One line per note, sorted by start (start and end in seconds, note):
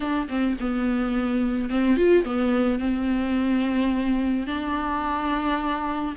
0.00 0.28 D4
0.29 0.57 C4
0.60 1.69 B3
1.69 1.96 C4
1.96 2.24 F4
2.24 2.79 B3
2.79 4.47 C4
4.47 6.15 D4